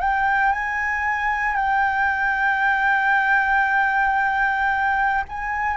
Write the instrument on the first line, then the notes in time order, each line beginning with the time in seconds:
flute
0.00 G5
0.52 G#5
1.55 G5
5.28 G#5